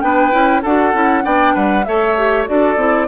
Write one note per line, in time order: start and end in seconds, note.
0.00 0.32 B3
0.00 0.31 D4
0.00 0.62 B4
0.00 0.61 G5
0.31 0.63 C#4
0.31 0.61 E4
0.62 0.93 D4
0.62 0.93 F#4
0.62 1.23 A4
0.62 1.25 F#5
0.93 1.24 C#4
0.93 1.23 E4
1.23 1.55 B3
1.23 1.84 D4
1.23 1.54 D5
1.23 1.55 G5
1.54 1.86 G3
1.54 1.84 B4
1.54 1.84 F#5
1.84 2.48 A3
1.84 2.16 A4
1.84 2.49 C#5
1.84 2.45 E5
2.17 2.46 G4
2.46 2.77 D4
2.46 2.76 F#4
2.46 3.07 A4
2.46 3.07 D5
2.77 3.07 C4
2.77 3.07 E4